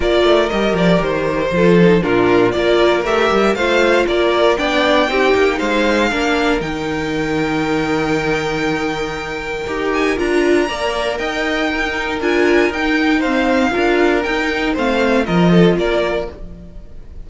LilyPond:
<<
  \new Staff \with { instrumentName = "violin" } { \time 4/4 \tempo 4 = 118 d''4 dis''8 d''8 c''2 | ais'4 d''4 e''4 f''4 | d''4 g''2 f''4~ | f''4 g''2.~ |
g''2.~ g''8 gis''8 | ais''2 g''2 | gis''4 g''4 f''2 | g''4 f''4 dis''4 d''4 | }
  \new Staff \with { instrumentName = "violin" } { \time 4/4 ais'2. a'4 | f'4 ais'2 c''4 | ais'4 d''4 g'4 c''4 | ais'1~ |
ais'1~ | ais'4 d''4 dis''4 ais'4~ | ais'2 c''4 ais'4~ | ais'4 c''4 ais'8 a'8 ais'4 | }
  \new Staff \with { instrumentName = "viola" } { \time 4/4 f'4 g'2 f'8 dis'8 | d'4 f'4 g'4 f'4~ | f'4 d'4 dis'2 | d'4 dis'2.~ |
dis'2. g'4 | f'4 ais'2 dis'4 | f'4 dis'4 c'4 f'4 | dis'4 c'4 f'2 | }
  \new Staff \with { instrumentName = "cello" } { \time 4/4 ais8 a8 g8 f8 dis4 f4 | ais,4 ais4 a8 g8 a4 | ais4 b4 c'8 ais8 gis4 | ais4 dis2.~ |
dis2. dis'4 | d'4 ais4 dis'2 | d'4 dis'2 d'4 | dis'4 a4 f4 ais4 | }
>>